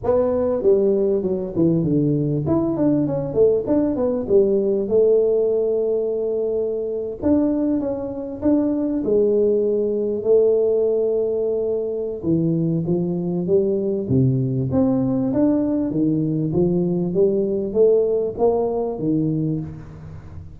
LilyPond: \new Staff \with { instrumentName = "tuba" } { \time 4/4 \tempo 4 = 98 b4 g4 fis8 e8 d4 | e'8 d'8 cis'8 a8 d'8 b8 g4 | a2.~ a8. d'16~ | d'8. cis'4 d'4 gis4~ gis16~ |
gis8. a2.~ a16 | e4 f4 g4 c4 | c'4 d'4 dis4 f4 | g4 a4 ais4 dis4 | }